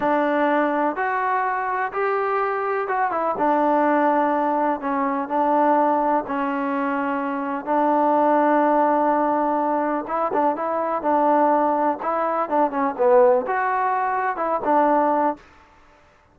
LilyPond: \new Staff \with { instrumentName = "trombone" } { \time 4/4 \tempo 4 = 125 d'2 fis'2 | g'2 fis'8 e'8 d'4~ | d'2 cis'4 d'4~ | d'4 cis'2. |
d'1~ | d'4 e'8 d'8 e'4 d'4~ | d'4 e'4 d'8 cis'8 b4 | fis'2 e'8 d'4. | }